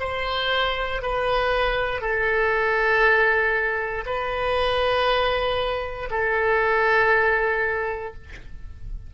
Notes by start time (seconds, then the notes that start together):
0.00 C5
1.02 B4
2.01 A4
4.06 B4
6.11 A4